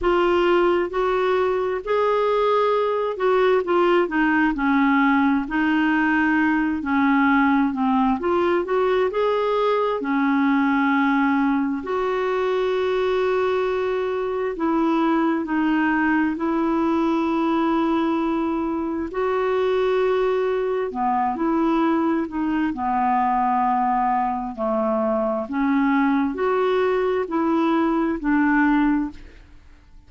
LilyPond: \new Staff \with { instrumentName = "clarinet" } { \time 4/4 \tempo 4 = 66 f'4 fis'4 gis'4. fis'8 | f'8 dis'8 cis'4 dis'4. cis'8~ | cis'8 c'8 f'8 fis'8 gis'4 cis'4~ | cis'4 fis'2. |
e'4 dis'4 e'2~ | e'4 fis'2 b8 e'8~ | e'8 dis'8 b2 a4 | cis'4 fis'4 e'4 d'4 | }